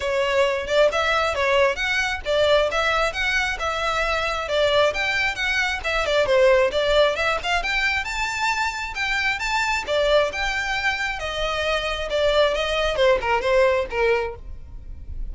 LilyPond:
\new Staff \with { instrumentName = "violin" } { \time 4/4 \tempo 4 = 134 cis''4. d''8 e''4 cis''4 | fis''4 d''4 e''4 fis''4 | e''2 d''4 g''4 | fis''4 e''8 d''8 c''4 d''4 |
e''8 f''8 g''4 a''2 | g''4 a''4 d''4 g''4~ | g''4 dis''2 d''4 | dis''4 c''8 ais'8 c''4 ais'4 | }